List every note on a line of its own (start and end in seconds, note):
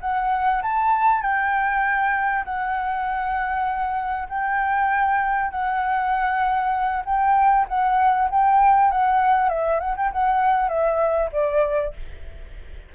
0.00 0.61 F#5
0.62 1.21 A5
1.21 2.44 G5
2.44 4.28 F#5
4.28 5.50 G5
5.50 7.03 F#5
7.05 7.66 G5
7.68 8.29 F#5
8.30 8.91 G5
8.91 9.49 F#5
9.49 9.79 E5
9.80 9.95 F#5
9.96 10.11 G5
10.12 10.68 F#5
10.68 11.29 E5
11.32 11.93 D5